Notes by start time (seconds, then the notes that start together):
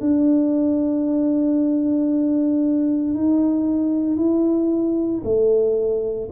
0.00 D4
3.14 D#4
4.17 E4
5.24 A3